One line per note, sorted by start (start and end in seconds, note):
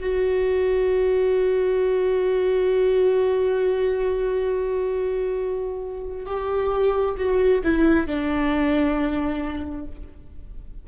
0.00 6.26 F#4
6.26 7.16 G4
7.17 7.62 F#4
7.64 8.07 E4
8.07 9.86 D4